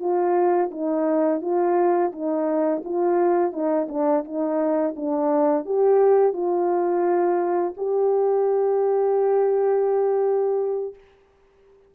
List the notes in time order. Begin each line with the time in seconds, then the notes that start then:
0.00 F4
0.71 D#4
1.41 F4
2.12 D#4
2.85 F4
3.52 D#4
3.89 D4
4.25 D#4
4.96 D4
5.65 G4
6.33 F4
7.77 G4